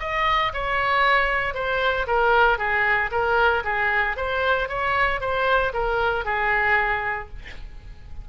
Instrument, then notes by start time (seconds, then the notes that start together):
oboe
0.00 D#5
0.53 C#5
1.54 C5
2.07 A#4
2.58 G#4
3.11 A#4
3.64 G#4
4.17 C5
4.69 C#5
5.21 C5
5.74 A#4
6.25 G#4